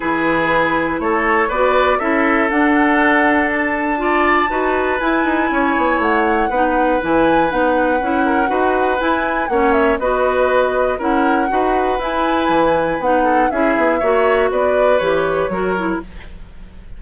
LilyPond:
<<
  \new Staff \with { instrumentName = "flute" } { \time 4/4 \tempo 4 = 120 b'2 cis''4 d''4 | e''4 fis''2 a''4~ | a''2 gis''2 | fis''2 gis''4 fis''4~ |
fis''2 gis''4 fis''8 e''8 | dis''2 fis''2 | gis''2 fis''4 e''4~ | e''4 d''4 cis''2 | }
  \new Staff \with { instrumentName = "oboe" } { \time 4/4 gis'2 a'4 b'4 | a'1 | d''4 b'2 cis''4~ | cis''4 b'2.~ |
b'8 ais'8 b'2 cis''4 | b'2 ais'4 b'4~ | b'2~ b'8 a'8 gis'4 | cis''4 b'2 ais'4 | }
  \new Staff \with { instrumentName = "clarinet" } { \time 4/4 e'2. fis'4 | e'4 d'2. | f'4 fis'4 e'2~ | e'4 dis'4 e'4 dis'4 |
e'4 fis'4 e'4 cis'4 | fis'2 e'4 fis'4 | e'2 dis'4 e'4 | fis'2 g'4 fis'8 e'8 | }
  \new Staff \with { instrumentName = "bassoon" } { \time 4/4 e2 a4 b4 | cis'4 d'2.~ | d'4 dis'4 e'8 dis'8 cis'8 b8 | a4 b4 e4 b4 |
cis'4 dis'4 e'4 ais4 | b2 cis'4 dis'4 | e'4 e4 b4 cis'8 b8 | ais4 b4 e4 fis4 | }
>>